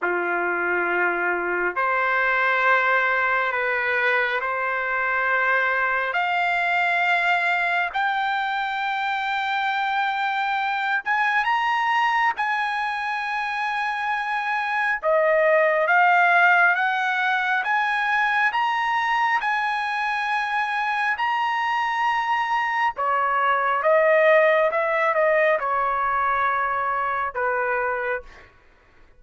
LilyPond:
\new Staff \with { instrumentName = "trumpet" } { \time 4/4 \tempo 4 = 68 f'2 c''2 | b'4 c''2 f''4~ | f''4 g''2.~ | g''8 gis''8 ais''4 gis''2~ |
gis''4 dis''4 f''4 fis''4 | gis''4 ais''4 gis''2 | ais''2 cis''4 dis''4 | e''8 dis''8 cis''2 b'4 | }